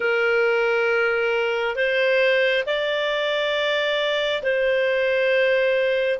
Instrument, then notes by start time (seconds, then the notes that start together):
clarinet
0.00 A#4
1.75 C5
2.66 D5
4.42 C5